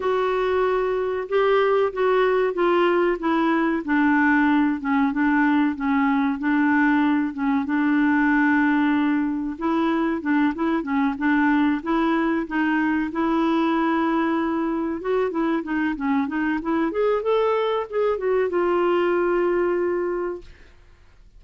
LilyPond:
\new Staff \with { instrumentName = "clarinet" } { \time 4/4 \tempo 4 = 94 fis'2 g'4 fis'4 | f'4 e'4 d'4. cis'8 | d'4 cis'4 d'4. cis'8 | d'2. e'4 |
d'8 e'8 cis'8 d'4 e'4 dis'8~ | dis'8 e'2. fis'8 | e'8 dis'8 cis'8 dis'8 e'8 gis'8 a'4 | gis'8 fis'8 f'2. | }